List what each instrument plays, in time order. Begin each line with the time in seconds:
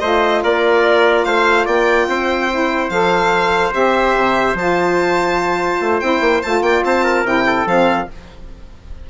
0.00 bassoon A3, saxophone F4, trumpet C5, violin D#5
0.44 bassoon A#3, trumpet A#4, violin D5
1.25 bassoon A3, trumpet C5, violin F5
1.66 bassoon A#3, trumpet D5, violin G5
2.08 bassoon C4, trumpet C5
2.50 saxophone E4
2.90 bassoon F3, saxophone A4, violin F5
3.72 bassoon C4, saxophone G4, violin E5
4.17 bassoon C3
4.54 bassoon F3, saxophone F4, violin A5
5.81 bassoon A3
6.00 bassoon C4, saxophone E4, violin G5
6.21 bassoon A#3
6.43 bassoon A3, saxophone F4, violin A5
6.62 bassoon A#3, trumpet D5, violin G5
6.84 bassoon C4, trumpet C5, violin A5
7.04 trumpet A#4
7.24 bassoon C3, saxophone E4, violin G5
7.46 trumpet A4
7.66 bassoon F3, saxophone C4, violin F5